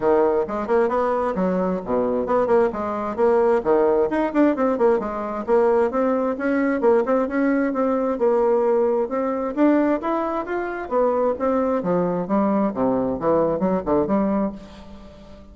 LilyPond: \new Staff \with { instrumentName = "bassoon" } { \time 4/4 \tempo 4 = 132 dis4 gis8 ais8 b4 fis4 | b,4 b8 ais8 gis4 ais4 | dis4 dis'8 d'8 c'8 ais8 gis4 | ais4 c'4 cis'4 ais8 c'8 |
cis'4 c'4 ais2 | c'4 d'4 e'4 f'4 | b4 c'4 f4 g4 | c4 e4 fis8 d8 g4 | }